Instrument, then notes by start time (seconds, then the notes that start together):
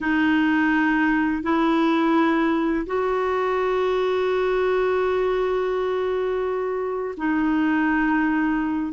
clarinet
0.01 D#4
1.43 E4
2.86 F#4
7.17 D#4